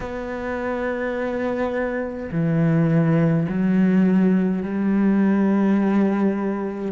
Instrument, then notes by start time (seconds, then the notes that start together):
cello
0.00 B3
2.31 E3
3.48 F#3
4.62 G3